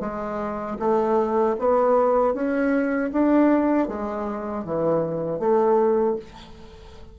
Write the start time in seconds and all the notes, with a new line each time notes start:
0.00 G#3
0.79 A3
1.58 B3
2.34 C#4
3.12 D4
3.88 G#3
4.64 E3
5.39 A3